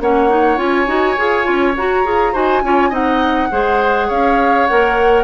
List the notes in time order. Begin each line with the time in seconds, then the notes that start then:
0.00 A#3 C#4 C#5 F#5
0.29 D#4
0.57 C#4 F4 G#5
0.87 D#4 F#4
1.17 F4 G#4
1.44 C#4 F4
1.76 F#4 A#5
2.04 F4 G#4
2.32 D#4 F#4 C5 G#5
2.62 C#4 F4 C#5
2.89 C4 D#4 D#5 F#5
3.51 G#3 G#4 C5
4.07 C#4 C#5 F5
4.66 A#3 A#4 F#5